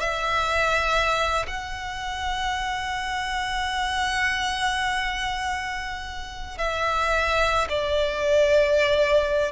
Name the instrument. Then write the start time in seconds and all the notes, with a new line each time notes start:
violin
0.00 E5
1.48 F#5
6.58 E5
7.69 D5